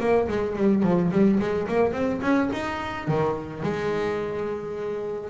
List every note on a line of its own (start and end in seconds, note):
0.00 0.28 A#3
0.29 0.56 G#3
0.56 0.83 G3
0.83 1.11 F3
1.12 1.40 G3
1.40 1.68 G#3
1.68 1.93 A#3
1.93 2.21 C4
2.22 2.50 C#4
2.53 3.08 D#4
3.08 3.64 D#3
3.64 5.31 G#3